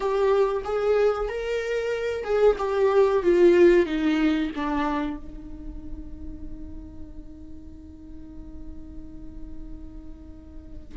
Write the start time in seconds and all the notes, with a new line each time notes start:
0.00 G4
0.64 G#4
1.28 A#4
2.24 G#4
2.58 G4
3.23 F4
3.86 D#4
4.55 D4
5.16 D#4